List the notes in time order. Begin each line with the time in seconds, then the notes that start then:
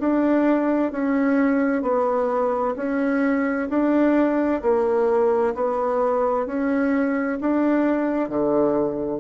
0.00 D4
0.92 C#4
1.83 B3
2.77 C#4
3.70 D4
4.62 A#3
5.55 B3
6.47 C#4
7.41 D4
8.30 D3